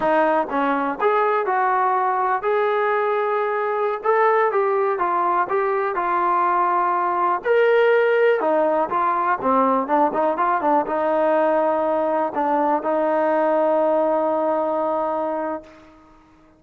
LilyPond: \new Staff \with { instrumentName = "trombone" } { \time 4/4 \tempo 4 = 123 dis'4 cis'4 gis'4 fis'4~ | fis'4 gis'2.~ | gis'16 a'4 g'4 f'4 g'8.~ | g'16 f'2. ais'8.~ |
ais'4~ ais'16 dis'4 f'4 c'8.~ | c'16 d'8 dis'8 f'8 d'8 dis'4.~ dis'16~ | dis'4~ dis'16 d'4 dis'4.~ dis'16~ | dis'1 | }